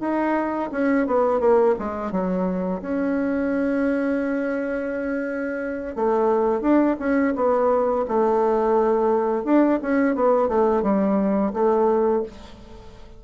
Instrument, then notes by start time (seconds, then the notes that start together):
bassoon
0.00 D#4
0.72 C#4
1.07 B3
1.40 A#3
1.79 G#3
2.12 F#3
2.82 C#4
5.96 A3
6.61 D4
6.99 C#4
7.35 B3
8.08 A3
9.44 D4
9.82 C#4
10.15 B3
10.48 A3
10.82 G3
11.53 A3